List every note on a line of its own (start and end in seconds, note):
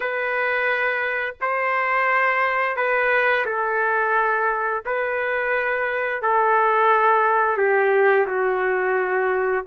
0.00 1.35 B4
1.41 2.76 C5
2.76 3.45 B4
3.45 4.83 A4
4.85 6.22 B4
6.22 7.57 A4
7.57 8.26 G4
8.26 9.64 F#4